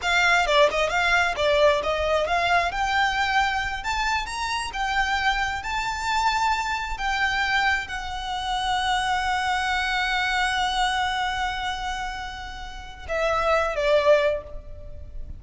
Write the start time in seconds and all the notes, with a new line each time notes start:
0.02 F5
0.46 D5
0.71 D#5
0.89 F5
1.36 D5
1.83 D#5
2.27 F5
2.71 G5
3.83 A5
4.25 A#5
4.73 G5
5.62 A5
6.97 G5
7.87 F#5
13.08 E5
13.75 D5